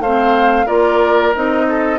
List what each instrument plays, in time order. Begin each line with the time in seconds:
0.00 bassoon A3, clarinet C4, oboe C5, flute F5
0.66 bassoon A#3, clarinet F4, oboe A#4, flute D5
1.35 bassoon C4, clarinet D#4, flute D#5
1.69 oboe A4